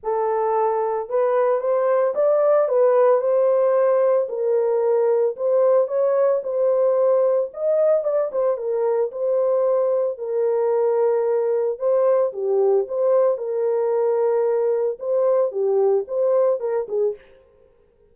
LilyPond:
\new Staff \with { instrumentName = "horn" } { \time 4/4 \tempo 4 = 112 a'2 b'4 c''4 | d''4 b'4 c''2 | ais'2 c''4 cis''4 | c''2 dis''4 d''8 c''8 |
ais'4 c''2 ais'4~ | ais'2 c''4 g'4 | c''4 ais'2. | c''4 g'4 c''4 ais'8 gis'8 | }